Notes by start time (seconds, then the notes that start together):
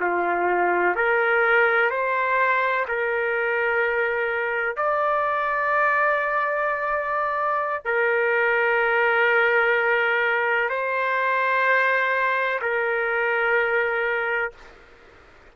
0.00 F4
0.96 A#4
1.90 C5
2.88 A#4
4.76 D5
7.85 A#4
10.70 C5
12.61 A#4